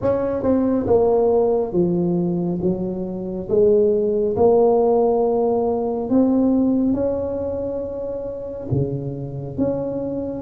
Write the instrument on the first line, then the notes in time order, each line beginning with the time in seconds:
tuba
0.01 C#4
0.42 C4
0.87 A#3
1.72 F3
2.61 F#3
3.49 G#3
4.36 A#3
6.09 C4
6.93 C#4
8.71 C#3
9.57 C#4